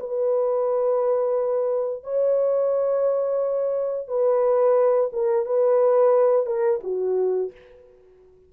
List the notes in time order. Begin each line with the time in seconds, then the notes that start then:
0.00 B4
2.04 C#5
4.08 B4
5.13 A#4
5.46 B4
6.46 A#4
6.84 F#4